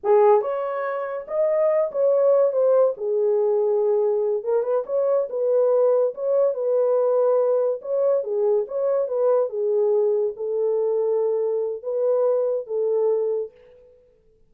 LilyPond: \new Staff \with { instrumentName = "horn" } { \time 4/4 \tempo 4 = 142 gis'4 cis''2 dis''4~ | dis''8 cis''4. c''4 gis'4~ | gis'2~ gis'8 ais'8 b'8 cis''8~ | cis''8 b'2 cis''4 b'8~ |
b'2~ b'8 cis''4 gis'8~ | gis'8 cis''4 b'4 gis'4.~ | gis'8 a'2.~ a'8 | b'2 a'2 | }